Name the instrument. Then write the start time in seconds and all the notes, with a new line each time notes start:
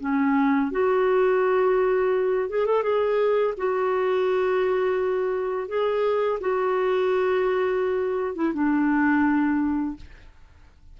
clarinet
0.00 C#4
0.71 F#4
2.49 G#4
2.66 A4
2.82 G#4
3.57 F#4
5.68 G#4
6.40 F#4
8.35 E4
8.53 D4